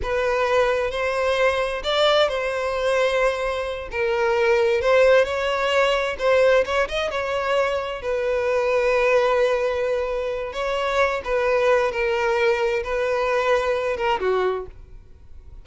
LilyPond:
\new Staff \with { instrumentName = "violin" } { \time 4/4 \tempo 4 = 131 b'2 c''2 | d''4 c''2.~ | c''8 ais'2 c''4 cis''8~ | cis''4. c''4 cis''8 dis''8 cis''8~ |
cis''4. b'2~ b'8~ | b'2. cis''4~ | cis''8 b'4. ais'2 | b'2~ b'8 ais'8 fis'4 | }